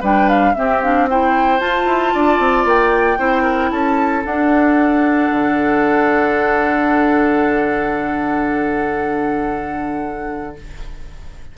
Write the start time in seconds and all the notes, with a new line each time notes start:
0.00 G3 D4 B4 G5
0.29 F5
0.55 C4 G4 E5
0.82 D4 F5
1.09 E4 C5 G5
1.59 F4 A5
1.86 E4
2.13 D4 D5
2.39 C4
2.65 A#3 G5
3.18 C4 E4 C5
3.43 A#4
3.71 C#4 A4 A5
4.24 D4 F#5
5.31 D3